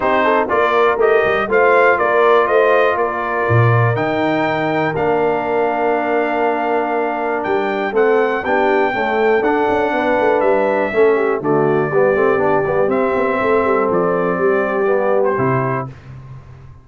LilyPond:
<<
  \new Staff \with { instrumentName = "trumpet" } { \time 4/4 \tempo 4 = 121 c''4 d''4 dis''4 f''4 | d''4 dis''4 d''2 | g''2 f''2~ | f''2. g''4 |
fis''4 g''2 fis''4~ | fis''4 e''2 d''4~ | d''2 e''2 | d''2~ d''8. c''4~ c''16 | }
  \new Staff \with { instrumentName = "horn" } { \time 4/4 g'8 a'8 ais'2 c''4 | ais'4 c''4 ais'2~ | ais'1~ | ais'1 |
a'4 g'4 a'2 | b'2 a'8 g'8 fis'4 | g'2. a'4~ | a'4 g'2. | }
  \new Staff \with { instrumentName = "trombone" } { \time 4/4 dis'4 f'4 g'4 f'4~ | f'1 | dis'2 d'2~ | d'1 |
c'4 d'4 a4 d'4~ | d'2 cis'4 a4 | b8 c'8 d'8 b8 c'2~ | c'2 b4 e'4 | }
  \new Staff \with { instrumentName = "tuba" } { \time 4/4 c'4 ais4 a8 g8 a4 | ais4 a4 ais4 ais,4 | dis2 ais2~ | ais2. g4 |
a4 b4 cis'4 d'8 cis'8 | b8 a8 g4 a4 d4 | g8 a8 b8 g8 c'8 b8 a8 g8 | f4 g2 c4 | }
>>